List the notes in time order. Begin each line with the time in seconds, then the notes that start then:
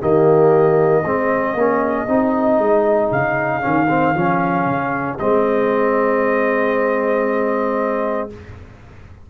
0.00 D#3 A#3 G4 D#5
1.02 G#3 C4 G#4
1.54 A#3 C#4
2.07 C4 D#4
2.58 G#3
3.11 C#3 F5
3.61 D#3 C#4
3.88 C4
4.15 F3 C#4
4.65 C#3
5.18 G#3 C4 D#5